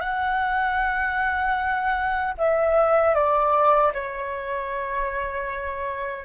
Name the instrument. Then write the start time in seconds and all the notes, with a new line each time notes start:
flute
0.00 F#5
2.38 E5
3.15 D5
3.94 C#5